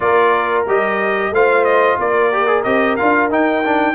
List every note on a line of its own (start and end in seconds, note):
0.00 0.67 A#3
0.00 0.66 F4
0.00 1.33 A#4
0.00 0.64 D5
0.67 1.30 G3
0.67 1.33 G4
0.67 1.34 D#5
1.30 1.96 A3
1.30 2.32 F4
1.30 1.99 C5
1.30 1.64 F5
1.64 1.97 D#5
1.99 2.65 A#3
1.99 3.94 A#4
1.99 2.63 D5
2.32 2.47 G4
2.47 2.63 G#4
2.63 2.98 C4
2.63 2.98 G4
2.63 2.96 D#5
2.96 3.29 D4
2.96 3.30 F4
2.96 3.29 F5
3.29 3.94 D#4
3.29 3.63 D#4
3.29 3.94 G5
3.64 3.94 D4